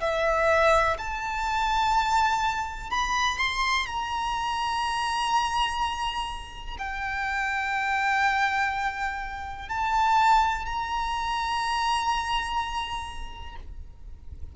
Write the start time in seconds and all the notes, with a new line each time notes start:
0.00 E5
0.98 A5
2.90 B5
3.38 C6
3.86 A#5
6.78 G5
9.69 A5
10.65 A#5